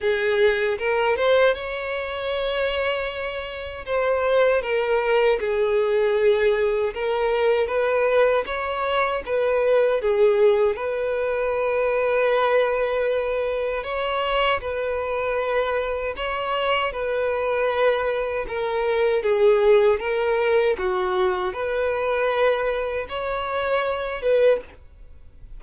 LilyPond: \new Staff \with { instrumentName = "violin" } { \time 4/4 \tempo 4 = 78 gis'4 ais'8 c''8 cis''2~ | cis''4 c''4 ais'4 gis'4~ | gis'4 ais'4 b'4 cis''4 | b'4 gis'4 b'2~ |
b'2 cis''4 b'4~ | b'4 cis''4 b'2 | ais'4 gis'4 ais'4 fis'4 | b'2 cis''4. b'8 | }